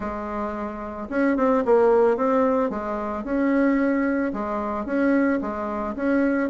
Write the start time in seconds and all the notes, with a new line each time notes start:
0.00 G#3
1.09 C#4
1.37 C4
1.65 A#3
2.16 C4
2.70 G#3
3.24 C#4
4.33 G#3
4.85 C#4
5.41 G#3
5.95 C#4